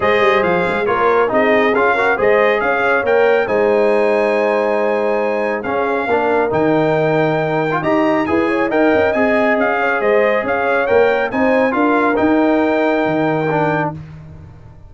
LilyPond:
<<
  \new Staff \with { instrumentName = "trumpet" } { \time 4/4 \tempo 4 = 138 dis''4 f''4 cis''4 dis''4 | f''4 dis''4 f''4 g''4 | gis''1~ | gis''4 f''2 g''4~ |
g''2 ais''4 gis''4 | g''4 gis''4 f''4 dis''4 | f''4 g''4 gis''4 f''4 | g''1 | }
  \new Staff \with { instrumentName = "horn" } { \time 4/4 c''2 ais'4 gis'4~ | gis'8 ais'8 c''4 cis''2 | c''1~ | c''4 gis'4 ais'2~ |
ais'2 dis''4 b'8 cis''8 | dis''2~ dis''8 cis''8 c''4 | cis''2 c''4 ais'4~ | ais'1 | }
  \new Staff \with { instrumentName = "trombone" } { \time 4/4 gis'2 f'4 dis'4 | f'8 fis'8 gis'2 ais'4 | dis'1~ | dis'4 cis'4 d'4 dis'4~ |
dis'4.~ dis'16 f'16 g'4 gis'4 | ais'4 gis'2.~ | gis'4 ais'4 dis'4 f'4 | dis'2. d'4 | }
  \new Staff \with { instrumentName = "tuba" } { \time 4/4 gis8 g8 f8 gis8 ais4 c'4 | cis'4 gis4 cis'4 ais4 | gis1~ | gis4 cis'4 ais4 dis4~ |
dis2 dis'4 e'4 | dis'8 cis'8 c'4 cis'4 gis4 | cis'4 ais4 c'4 d'4 | dis'2 dis2 | }
>>